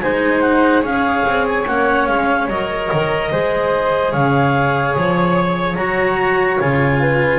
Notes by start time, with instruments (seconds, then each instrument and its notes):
0.00 double bass G#3, cello D#4, flute C5, clarinet G#5
0.41 clarinet F#5
0.82 double bass C#4, cello G#4, flute C#5, clarinet F5
1.26 double bass C4
1.48 clarinet G#5
1.67 double bass A#3, cello C#4, clarinet F#5
2.06 double bass G#3, clarinet F5
2.47 double bass F#3, cello A#4, clarinet D#5
2.92 double bass D#3
3.31 double bass G#3, cello G#4, flute C5
4.11 double bass C#3, flute C#5, clarinet F5
4.95 double bass F3, clarinet C#5
5.76 double bass F#3, cello F#4, clarinet A#5
6.60 double bass C#3, cello F4, clarinet G#5
7.00 flute B4